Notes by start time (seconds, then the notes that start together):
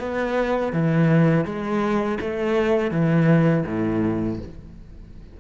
0.00 B3
0.73 E3
1.46 G#3
2.21 A3
2.91 E3
3.67 A2